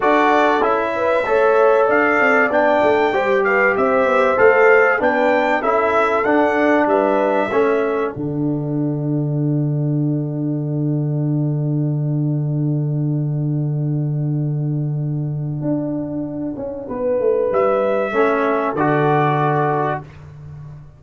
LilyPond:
<<
  \new Staff \with { instrumentName = "trumpet" } { \time 4/4 \tempo 4 = 96 d''4 e''2 f''4 | g''4. f''8 e''4 f''4 | g''4 e''4 fis''4 e''4~ | e''4 fis''2.~ |
fis''1~ | fis''1~ | fis''1 | e''2 d''2 | }
  \new Staff \with { instrumentName = "horn" } { \time 4/4 a'4. b'8 cis''4 d''4~ | d''4 c''8 b'8 c''2 | b'4 a'2 b'4 | a'1~ |
a'1~ | a'1~ | a'2. b'4~ | b'4 a'2. | }
  \new Staff \with { instrumentName = "trombone" } { \time 4/4 fis'4 e'4 a'2 | d'4 g'2 a'4 | d'4 e'4 d'2 | cis'4 d'2.~ |
d'1~ | d'1~ | d'1~ | d'4 cis'4 fis'2 | }
  \new Staff \with { instrumentName = "tuba" } { \time 4/4 d'4 cis'4 a4 d'8 c'8 | b8 a8 g4 c'8 b8 a4 | b4 cis'4 d'4 g4 | a4 d2.~ |
d1~ | d1~ | d4 d'4. cis'8 b8 a8 | g4 a4 d2 | }
>>